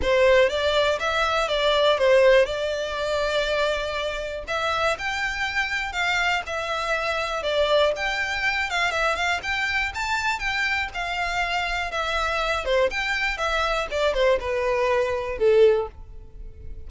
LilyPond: \new Staff \with { instrumentName = "violin" } { \time 4/4 \tempo 4 = 121 c''4 d''4 e''4 d''4 | c''4 d''2.~ | d''4 e''4 g''2 | f''4 e''2 d''4 |
g''4. f''8 e''8 f''8 g''4 | a''4 g''4 f''2 | e''4. c''8 g''4 e''4 | d''8 c''8 b'2 a'4 | }